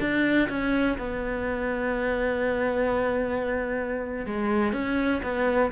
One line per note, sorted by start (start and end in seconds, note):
0.00 0.49 D4
0.49 0.98 C#4
0.98 4.26 B3
4.26 4.73 G#3
4.73 5.22 C#4
5.23 5.72 B3